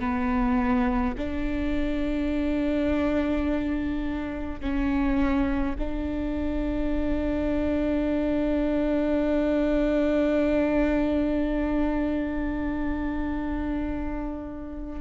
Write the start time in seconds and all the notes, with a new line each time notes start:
0.00 B3
1.17 D4
4.60 C#4
5.78 D4